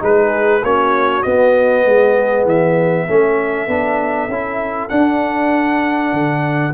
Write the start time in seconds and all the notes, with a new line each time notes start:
0.00 G#3 D#4 G#4 B4
0.63 A#3 C#4 F#4 C#5
1.23 B3 D#5
1.85 G#3 G#4
2.46 E3 E5
3.08 A3 C#4 A4
3.68 B3 D4
4.29 C#4 E4
4.90 D4 F#5
6.13 D3